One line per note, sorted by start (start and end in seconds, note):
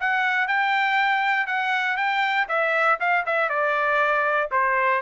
0.00 0.47 F#5
0.47 1.47 G5
1.47 1.97 F#5
1.97 2.47 G5
2.48 2.98 E5
3.00 3.25 F5
3.26 3.49 E5
3.49 4.50 D5
4.51 5.01 C5